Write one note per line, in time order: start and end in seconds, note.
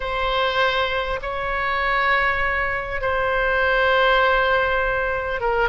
0.00 1.20 C5
1.22 3.01 C#5
3.01 5.40 C5
5.40 5.69 A#4